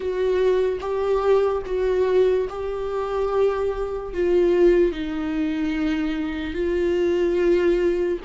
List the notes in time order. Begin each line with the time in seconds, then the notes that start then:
0.00 F#4
0.80 G4
1.66 F#4
2.49 G4
4.13 F4
4.91 D#4
6.53 F4